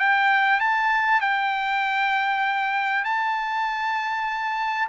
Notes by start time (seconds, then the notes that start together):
0.00 G5
0.61 A5
1.21 G5
3.05 A5